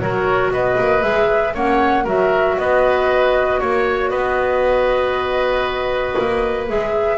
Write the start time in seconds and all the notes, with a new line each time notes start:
0.00 F#3 F#4 A#4 C#5
0.51 B3 B4 D#5
0.79 A#3
1.03 G#3 G#4 E5
1.54 A#3 C#4 C#5 F#5
2.04 F#3 F#4 A#4 E5
2.58 B3 B4 D#5
3.60 A#3 C#5
4.10 B3 B4 D#5
6.19 A#3
6.68 G#3 G#4 E5